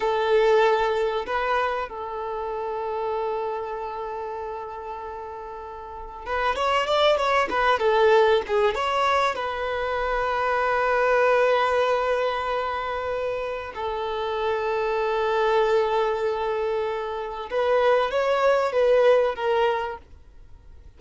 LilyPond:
\new Staff \with { instrumentName = "violin" } { \time 4/4 \tempo 4 = 96 a'2 b'4 a'4~ | a'1~ | a'2 b'8 cis''8 d''8 cis''8 | b'8 a'4 gis'8 cis''4 b'4~ |
b'1~ | b'2 a'2~ | a'1 | b'4 cis''4 b'4 ais'4 | }